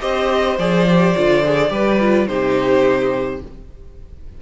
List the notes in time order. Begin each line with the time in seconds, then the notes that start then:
0.00 C4 G4 C5 D#5
0.58 F3 G#4 D5
0.88 G4
1.16 D3 F4
1.44 G#4
1.69 G3 G4 B4
2.00 F4
2.27 C3 D#4 G4 C5